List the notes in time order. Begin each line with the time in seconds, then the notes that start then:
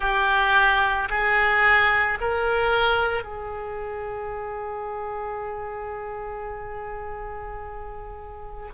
0.00 G4
1.09 G#4
2.20 A#4
3.23 G#4